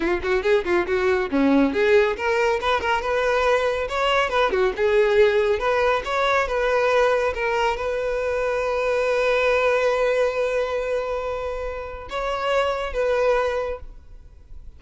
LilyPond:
\new Staff \with { instrumentName = "violin" } { \time 4/4 \tempo 4 = 139 f'8 fis'8 gis'8 f'8 fis'4 cis'4 | gis'4 ais'4 b'8 ais'8 b'4~ | b'4 cis''4 b'8 fis'8 gis'4~ | gis'4 b'4 cis''4 b'4~ |
b'4 ais'4 b'2~ | b'1~ | b'1 | cis''2 b'2 | }